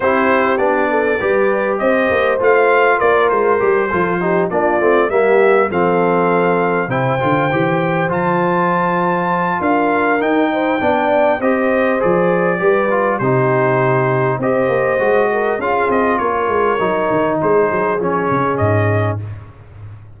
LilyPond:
<<
  \new Staff \with { instrumentName = "trumpet" } { \time 4/4 \tempo 4 = 100 c''4 d''2 dis''4 | f''4 d''8 c''2 d''8~ | d''8 e''4 f''2 g''8~ | g''4. a''2~ a''8 |
f''4 g''2 dis''4 | d''2 c''2 | dis''2 f''8 dis''8 cis''4~ | cis''4 c''4 cis''4 dis''4 | }
  \new Staff \with { instrumentName = "horn" } { \time 4/4 g'4. a'8 b'4 c''4~ | c''4 ais'4. a'8 g'8 f'8~ | f'8 g'4 a'2 c''8~ | c''1 |
ais'4. c''8 d''4 c''4~ | c''4 b'4 g'2 | c''4. ais'8 gis'4 ais'4~ | ais'4 gis'2. | }
  \new Staff \with { instrumentName = "trombone" } { \time 4/4 e'4 d'4 g'2 | f'2 g'8 f'8 dis'8 d'8 | c'8 ais4 c'2 e'8 | f'8 g'4 f'2~ f'8~ |
f'4 dis'4 d'4 g'4 | gis'4 g'8 f'8 dis'2 | g'4 fis'4 f'2 | dis'2 cis'2 | }
  \new Staff \with { instrumentName = "tuba" } { \time 4/4 c'4 b4 g4 c'8 ais8 | a4 ais8 gis8 g8 f4 ais8 | a8 g4 f2 c8 | d8 e4 f2~ f8 |
d'4 dis'4 b4 c'4 | f4 g4 c2 | c'8 ais8 gis4 cis'8 c'8 ais8 gis8 | fis8 dis8 gis8 fis8 f8 cis8 gis,4 | }
>>